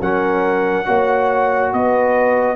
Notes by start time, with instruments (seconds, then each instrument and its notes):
0.00 tuba F#3, trombone C#4, horn A#4, trumpet F#5
0.85 tuba A#3, trombone F#4, horn C#5
1.72 tuba B3, horn B4, trumpet D#5